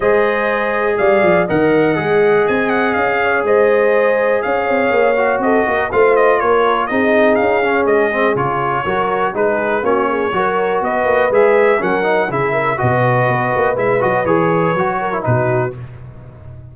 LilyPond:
<<
  \new Staff \with { instrumentName = "trumpet" } { \time 4/4 \tempo 4 = 122 dis''2 f''4 fis''4~ | fis''4 gis''8 fis''8 f''4 dis''4~ | dis''4 f''2 dis''4 | f''8 dis''8 cis''4 dis''4 f''4 |
dis''4 cis''2 b'4 | cis''2 dis''4 e''4 | fis''4 e''4 dis''2 | e''8 dis''8 cis''2 b'4 | }
  \new Staff \with { instrumentName = "horn" } { \time 4/4 c''2 d''4 dis''4~ | dis''2~ dis''8 cis''8 c''4~ | c''4 cis''2 a'8 ais'8 | c''4 ais'4 gis'2~ |
gis'2 ais'4 gis'4 | fis'8 gis'8 ais'4 b'2 | ais'4 gis'8 ais'8 b'2~ | b'2~ b'8 ais'8 fis'4 | }
  \new Staff \with { instrumentName = "trombone" } { \time 4/4 gis'2. ais'4 | gis'1~ | gis'2~ gis'8 fis'4. | f'2 dis'4. cis'8~ |
cis'8 c'8 f'4 fis'4 dis'4 | cis'4 fis'2 gis'4 | cis'8 dis'8 e'4 fis'2 | e'8 fis'8 gis'4 fis'8. e'16 dis'4 | }
  \new Staff \with { instrumentName = "tuba" } { \time 4/4 gis2 g8 f8 dis4 | gis4 c'4 cis'4 gis4~ | gis4 cis'8 c'8 ais4 c'8 ais8 | a4 ais4 c'4 cis'4 |
gis4 cis4 fis4 gis4 | ais4 fis4 b8 ais8 gis4 | fis4 cis4 b,4 b8 ais8 | gis8 fis8 e4 fis4 b,4 | }
>>